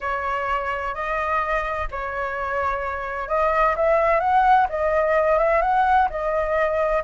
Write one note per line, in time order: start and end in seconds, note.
0.00 0.94 C#5
0.94 1.88 D#5
1.91 3.28 C#5
3.28 3.75 D#5
3.75 4.20 E5
4.20 4.67 F#5
4.69 5.38 D#5
5.38 5.61 E5
5.61 6.08 F#5
6.10 7.03 D#5